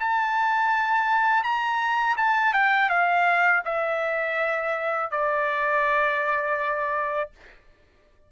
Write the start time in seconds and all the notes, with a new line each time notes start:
0.00 A5
1.43 A#5
2.17 A5
2.54 G5
2.90 F5
3.65 E5
5.11 D5